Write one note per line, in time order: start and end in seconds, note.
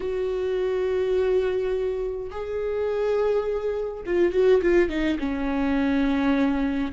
0.00 2.30 F#4
2.31 4.04 G#4
4.06 4.32 F4
4.32 4.61 F#4
4.62 4.89 F4
4.89 5.18 D#4
5.18 6.92 C#4